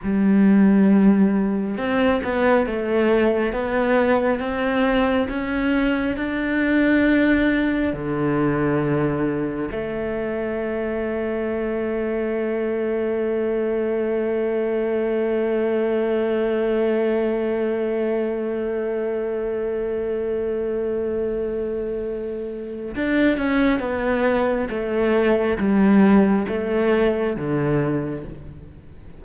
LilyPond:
\new Staff \with { instrumentName = "cello" } { \time 4/4 \tempo 4 = 68 g2 c'8 b8 a4 | b4 c'4 cis'4 d'4~ | d'4 d2 a4~ | a1~ |
a1~ | a1~ | a2 d'8 cis'8 b4 | a4 g4 a4 d4 | }